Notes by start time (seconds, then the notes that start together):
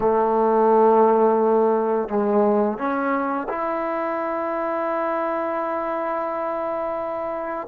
0.00 A3
2.08 G#3
2.77 C#4
3.49 E4